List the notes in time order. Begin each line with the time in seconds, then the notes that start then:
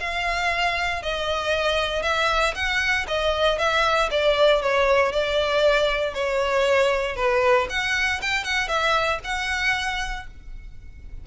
0.00 F5
1.03 D#5
2.03 E5
2.55 F#5
3.08 D#5
3.59 E5
4.11 D5
4.62 C#5
5.12 D5
6.14 C#5
7.16 B4
7.70 F#5
8.22 G5
8.44 F#5
8.68 E5
9.24 F#5